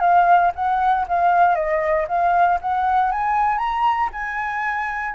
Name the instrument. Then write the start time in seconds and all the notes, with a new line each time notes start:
flute
0.00 F5
0.55 F#5
1.08 F5
1.55 D#5
2.08 F5
2.61 F#5
3.11 G#5
3.58 A#5
4.12 G#5